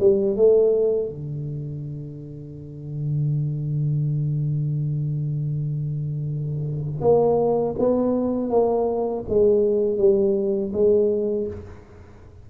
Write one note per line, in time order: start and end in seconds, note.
0.00 0.36 G3
0.36 1.09 A3
1.09 7.01 D3
7.01 7.75 A#3
7.79 8.50 B3
8.50 9.24 A#3
9.29 9.98 G#3
9.98 10.72 G3
10.73 11.47 G#3